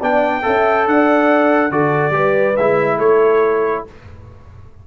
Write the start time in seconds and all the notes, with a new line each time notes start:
0.00 B3 D4 D5 G5
0.42 C#4 A4 E5
0.87 D4 D5 F#5
1.70 D3 F#4 A4 D5
2.11 G3 G4 B4
2.56 G#3 E4 E5
2.98 A3 A4 C#5